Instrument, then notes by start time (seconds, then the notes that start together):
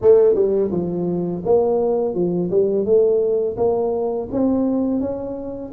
tuba
0.01 A3
0.34 G3
0.71 F3
1.45 A#3
2.14 F3
2.50 G3
2.85 A3
3.56 A#3
4.31 C4
5.00 C#4